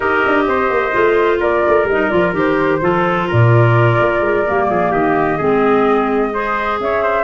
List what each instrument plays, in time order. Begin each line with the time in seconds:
0.00 tuba D#4, clarinet G4, trumpet A#4, flute D#5
0.26 tuba D4
0.47 tuba C4, trumpet C5
0.69 tuba A#3
0.92 tuba A3, clarinet F4
1.39 tuba A#3, trumpet A#4, flute D5
1.67 tuba A3
1.84 tuba G3, flute D#5
1.92 clarinet D#4
2.09 tuba F3, clarinet F4, flute D5
2.33 tuba D#3, clarinet G4, flute C5
2.81 tuba F3, clarinet F4, trumpet A4
3.27 tuba A#2, trumpet A#4, flute D5
3.99 tuba A#3
4.20 tuba G#3
4.47 tuba G3, clarinet A#3
4.69 tuba F3, trumpet G#4
4.91 tuba D#3, trumpet G4, flute D#5
5.37 tuba G#3, clarinet C4, trumpet G#4
6.33 clarinet G#4, trumpet C5
6.79 tuba C#4, trumpet C#5, flute E5
7.02 trumpet C5